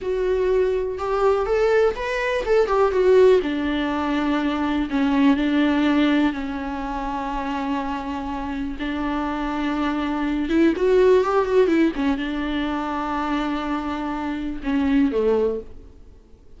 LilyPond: \new Staff \with { instrumentName = "viola" } { \time 4/4 \tempo 4 = 123 fis'2 g'4 a'4 | b'4 a'8 g'8 fis'4 d'4~ | d'2 cis'4 d'4~ | d'4 cis'2.~ |
cis'2 d'2~ | d'4. e'8 fis'4 g'8 fis'8 | e'8 cis'8 d'2.~ | d'2 cis'4 a4 | }